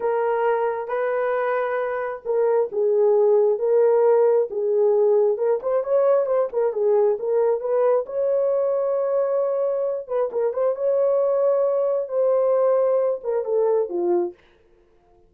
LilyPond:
\new Staff \with { instrumentName = "horn" } { \time 4/4 \tempo 4 = 134 ais'2 b'2~ | b'4 ais'4 gis'2 | ais'2 gis'2 | ais'8 c''8 cis''4 c''8 ais'8 gis'4 |
ais'4 b'4 cis''2~ | cis''2~ cis''8 b'8 ais'8 c''8 | cis''2. c''4~ | c''4. ais'8 a'4 f'4 | }